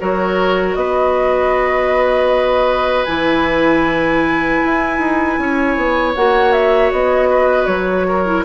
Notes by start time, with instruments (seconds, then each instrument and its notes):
0.00 bassoon F#3, clarinet F#4, oboe A#4, flute C#5
0.75 bassoon B3, oboe B4, flute D#5
3.04 bassoon E3, clarinet E4, flute G#5
4.65 bassoon E4
4.99 bassoon D#4
5.39 bassoon C#4, oboe C#5
5.76 bassoon B3
6.15 bassoon A#3, clarinet F#4, flute F#5
6.53 flute E5
6.92 bassoon B3, flute D#5
7.30 oboe B4
7.67 bassoon F#3, flute C#5
8.09 oboe A#4
8.26 clarinet E4